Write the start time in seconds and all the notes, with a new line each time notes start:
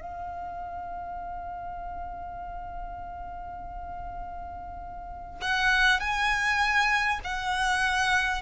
0.00 F5
5.41 F#5
5.99 G#5
7.23 F#5